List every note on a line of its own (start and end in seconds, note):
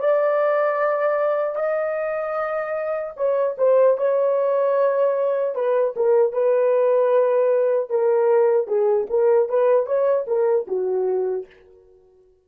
0.00 1.56 D5
1.56 3.14 D#5
3.17 3.56 C#5
3.58 3.98 C5
3.98 5.56 C#5
5.56 5.95 B4
5.97 6.33 A#4
6.33 7.90 B4
7.90 8.68 A#4
8.68 9.08 G#4
9.10 9.50 A#4
9.50 9.86 B4
9.86 10.26 C#5
10.28 10.67 A#4
10.68 11.47 F#4